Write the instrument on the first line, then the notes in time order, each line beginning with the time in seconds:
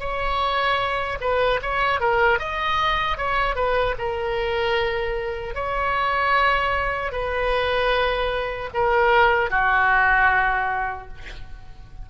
oboe
0.00 C#5
1.21 B4
1.63 C#5
2.01 A#4
2.39 D#5
3.18 C#5
3.56 B4
3.98 A#4
5.55 C#5
7.12 B4
8.75 A#4
9.51 F#4